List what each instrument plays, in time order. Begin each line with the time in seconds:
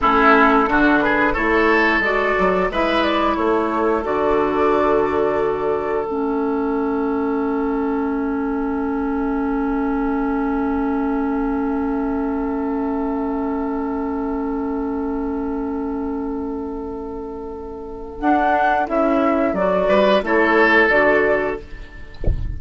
0.00 bassoon A3, clarinet C#4, oboe E4, flute A4
0.66 bassoon D3, clarinet D4, oboe F#4
1.00 oboe G#4, flute B4
1.33 bassoon A3, clarinet E4, oboe A4, flute C#5
1.99 bassoon G#3, clarinet F#4, flute D5
2.39 bassoon F#3
2.69 bassoon G#3, clarinet E4, oboe B4, flute E5
3.03 flute D5
3.36 bassoon A3, oboe A4, flute C#5
4.03 bassoon D3, clarinet F#4, flute D5
6.06 bassoon A3, clarinet C#4, flute E5
18.20 clarinet D4, bassoon D4, flute F#5
18.87 bassoon C#4, clarinet E4, flute E5
19.53 bassoon F#3, clarinet F#4, flute D5
19.88 bassoon G3, oboe B4
20.22 bassoon A3, clarinet E4, oboe A4, flute C#5
20.89 bassoon D3, clarinet F#4, flute D5